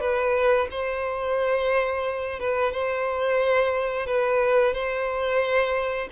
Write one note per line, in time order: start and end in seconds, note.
0.00 0.67 B4
0.70 2.39 C5
2.39 2.72 B4
2.72 4.06 C5
4.06 4.73 B4
4.73 6.08 C5